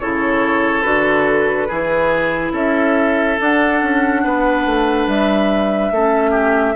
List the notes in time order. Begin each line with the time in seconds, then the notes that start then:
0.00 C#3 E4 A4 C#5
0.82 D3 F#4 B4
1.68 E3 E4 G#4
2.52 C#4 A4 E5
3.39 D4 F#5
3.82 C#4
4.24 B3 B4
4.66 A3
5.07 G3 E5
5.92 A3 C#4 A4
6.31 G4